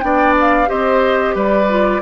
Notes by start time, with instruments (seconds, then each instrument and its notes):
0.00 bassoon B3, clarinet D4, oboe D5, flute G5
0.40 flute F5
0.66 bassoon C4, clarinet G4, oboe C5, flute D#5
1.34 bassoon G3, oboe B4, flute D5
1.69 clarinet F4